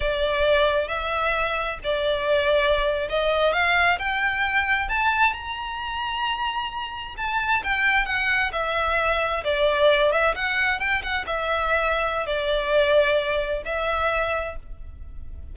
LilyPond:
\new Staff \with { instrumentName = "violin" } { \time 4/4 \tempo 4 = 132 d''2 e''2 | d''2~ d''8. dis''4 f''16~ | f''8. g''2 a''4 ais''16~ | ais''2.~ ais''8. a''16~ |
a''8. g''4 fis''4 e''4~ e''16~ | e''8. d''4. e''8 fis''4 g''16~ | g''16 fis''8 e''2~ e''16 d''4~ | d''2 e''2 | }